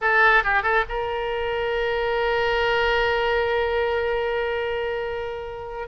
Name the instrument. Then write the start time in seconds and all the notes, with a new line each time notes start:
oboe
0.01 A4
0.43 G4
0.62 A4
0.89 A#4